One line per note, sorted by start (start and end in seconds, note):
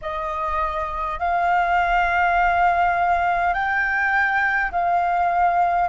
0.01 1.19 D#5
1.19 3.53 F5
3.53 4.71 G5
4.71 5.88 F5